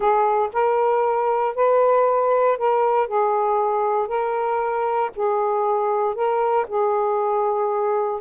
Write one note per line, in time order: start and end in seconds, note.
0.00 0.49 G#4
0.53 1.55 A#4
1.55 2.57 B4
2.57 3.07 A#4
3.07 4.07 G#4
4.07 5.10 A#4
5.15 6.14 G#4
6.14 6.65 A#4
6.68 8.21 G#4